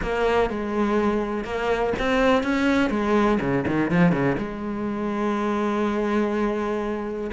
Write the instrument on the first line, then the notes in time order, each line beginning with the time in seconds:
cello
0.02 A#3
0.50 G#3
1.44 A#3
1.98 C4
2.43 C#4
2.90 G#3
3.40 C#3
3.67 D#3
3.90 F3
4.12 C#3
4.38 G#3